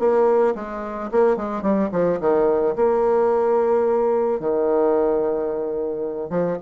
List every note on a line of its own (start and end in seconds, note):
0.00 0.55 A#3
0.56 1.11 G#3
1.12 1.37 A#3
1.37 1.62 G#3
1.62 1.90 G3
1.92 2.19 F3
2.20 2.75 D#3
2.76 4.40 A#3
4.40 6.30 D#3
6.30 6.58 F3